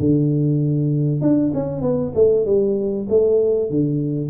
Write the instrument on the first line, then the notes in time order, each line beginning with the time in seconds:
tuba
0.00 D3
1.22 D4
1.54 C#4
1.82 B3
2.15 A3
2.46 G3
3.10 A3
3.70 D3